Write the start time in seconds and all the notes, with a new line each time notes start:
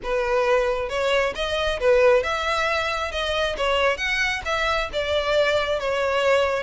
0.03 B4
0.89 C#5
1.35 D#5
1.80 B4
2.23 E5
3.11 D#5
3.57 C#5
3.97 F#5
4.45 E5
4.93 D5
5.79 C#5